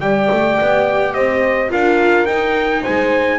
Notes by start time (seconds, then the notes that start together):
0.00 G3 G4 D5 G5
0.31 A3
0.61 B3
1.13 C4 C5 D#5
1.69 D4 F4 A#4 F5
2.25 D#4 G5
2.81 C5 G#5
2.87 G#3